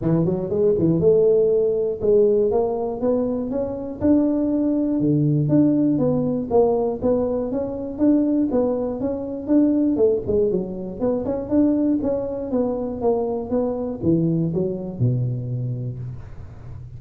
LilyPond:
\new Staff \with { instrumentName = "tuba" } { \time 4/4 \tempo 4 = 120 e8 fis8 gis8 e8 a2 | gis4 ais4 b4 cis'4 | d'2 d4 d'4 | b4 ais4 b4 cis'4 |
d'4 b4 cis'4 d'4 | a8 gis8 fis4 b8 cis'8 d'4 | cis'4 b4 ais4 b4 | e4 fis4 b,2 | }